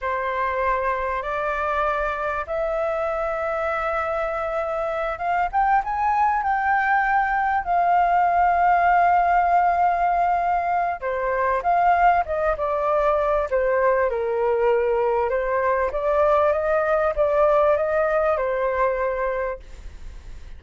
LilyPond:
\new Staff \with { instrumentName = "flute" } { \time 4/4 \tempo 4 = 98 c''2 d''2 | e''1~ | e''8 f''8 g''8 gis''4 g''4.~ | g''8 f''2.~ f''8~ |
f''2 c''4 f''4 | dis''8 d''4. c''4 ais'4~ | ais'4 c''4 d''4 dis''4 | d''4 dis''4 c''2 | }